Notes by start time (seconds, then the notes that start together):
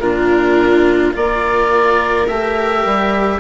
0.00 A#2 D4 F4 A#4
1.13 A#3 F4 A#4 D5
2.28 A3 G4 E5
2.85 G3